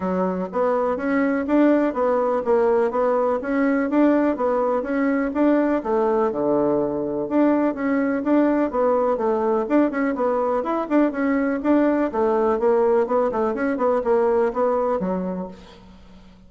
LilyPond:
\new Staff \with { instrumentName = "bassoon" } { \time 4/4 \tempo 4 = 124 fis4 b4 cis'4 d'4 | b4 ais4 b4 cis'4 | d'4 b4 cis'4 d'4 | a4 d2 d'4 |
cis'4 d'4 b4 a4 | d'8 cis'8 b4 e'8 d'8 cis'4 | d'4 a4 ais4 b8 a8 | cis'8 b8 ais4 b4 fis4 | }